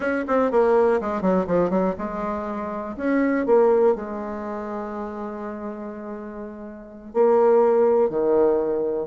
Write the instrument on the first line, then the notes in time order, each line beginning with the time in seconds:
bassoon
0.00 C#4
0.27 C4
0.51 A#3
1.00 G#3
1.21 F#3
1.46 F3
1.70 F#3
1.98 G#3
2.96 C#4
3.46 A#3
3.95 G#3
7.13 A#3
8.09 D#3